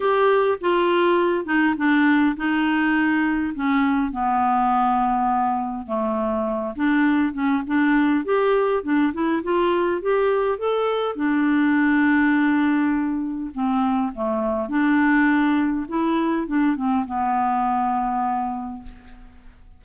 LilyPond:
\new Staff \with { instrumentName = "clarinet" } { \time 4/4 \tempo 4 = 102 g'4 f'4. dis'8 d'4 | dis'2 cis'4 b4~ | b2 a4. d'8~ | d'8 cis'8 d'4 g'4 d'8 e'8 |
f'4 g'4 a'4 d'4~ | d'2. c'4 | a4 d'2 e'4 | d'8 c'8 b2. | }